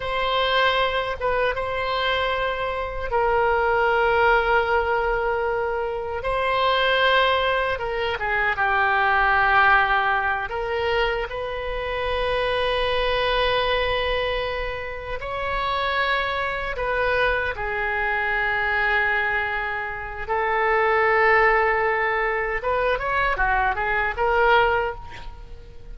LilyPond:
\new Staff \with { instrumentName = "oboe" } { \time 4/4 \tempo 4 = 77 c''4. b'8 c''2 | ais'1 | c''2 ais'8 gis'8 g'4~ | g'4. ais'4 b'4.~ |
b'2.~ b'8 cis''8~ | cis''4. b'4 gis'4.~ | gis'2 a'2~ | a'4 b'8 cis''8 fis'8 gis'8 ais'4 | }